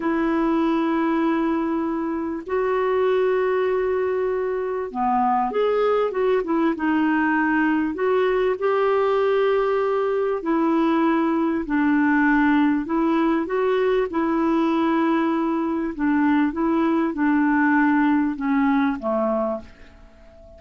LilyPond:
\new Staff \with { instrumentName = "clarinet" } { \time 4/4 \tempo 4 = 98 e'1 | fis'1 | b4 gis'4 fis'8 e'8 dis'4~ | dis'4 fis'4 g'2~ |
g'4 e'2 d'4~ | d'4 e'4 fis'4 e'4~ | e'2 d'4 e'4 | d'2 cis'4 a4 | }